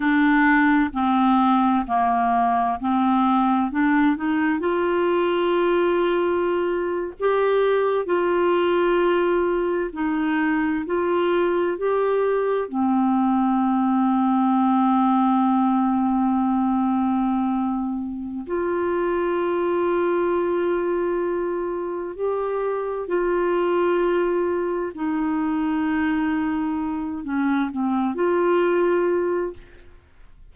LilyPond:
\new Staff \with { instrumentName = "clarinet" } { \time 4/4 \tempo 4 = 65 d'4 c'4 ais4 c'4 | d'8 dis'8 f'2~ f'8. g'16~ | g'8. f'2 dis'4 f'16~ | f'8. g'4 c'2~ c'16~ |
c'1 | f'1 | g'4 f'2 dis'4~ | dis'4. cis'8 c'8 f'4. | }